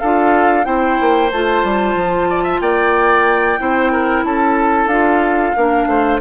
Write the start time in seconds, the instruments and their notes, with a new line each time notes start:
0.00 bassoon D4, clarinet F4, oboe A4, flute F5
0.64 bassoon C4, clarinet E4, oboe C5, flute G5
1.01 bassoon A#3
1.32 bassoon A3, clarinet F4, flute A5
1.64 bassoon G3
1.95 bassoon F3
2.30 oboe D5
2.44 oboe E5
2.61 bassoon A#3, oboe D5, flute G5
3.59 bassoon C4, clarinet E4, oboe C5
3.92 oboe A#4
4.24 bassoon C#4, oboe A4, flute A5
4.87 bassoon D4, clarinet F4, flute F5
5.57 bassoon A#3, clarinet D4, oboe A#4
5.87 bassoon A3, oboe C5